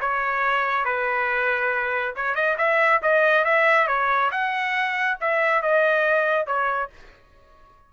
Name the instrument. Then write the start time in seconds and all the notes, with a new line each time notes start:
trumpet
0.00 C#5
0.85 B4
2.15 C#5
2.35 D#5
2.57 E5
3.02 D#5
3.44 E5
3.87 C#5
4.31 F#5
5.20 E5
5.62 D#5
6.46 C#5